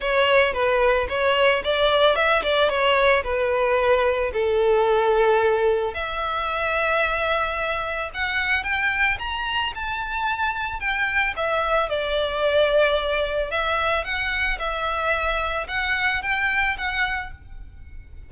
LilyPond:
\new Staff \with { instrumentName = "violin" } { \time 4/4 \tempo 4 = 111 cis''4 b'4 cis''4 d''4 | e''8 d''8 cis''4 b'2 | a'2. e''4~ | e''2. fis''4 |
g''4 ais''4 a''2 | g''4 e''4 d''2~ | d''4 e''4 fis''4 e''4~ | e''4 fis''4 g''4 fis''4 | }